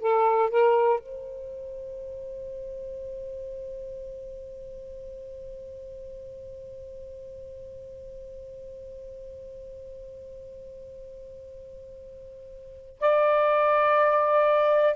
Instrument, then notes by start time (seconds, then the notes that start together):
saxophone
0.00 A4
0.50 A#4
1.00 C5
13.00 D5